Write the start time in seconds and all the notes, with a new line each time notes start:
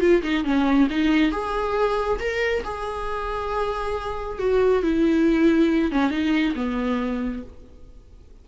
0.00 F4
0.22 D#4
0.44 C#4
0.90 D#4
1.31 G#4
2.19 A#4
2.64 G#4
4.39 F#4
4.82 E4
5.91 C#4
6.10 D#4
6.55 B3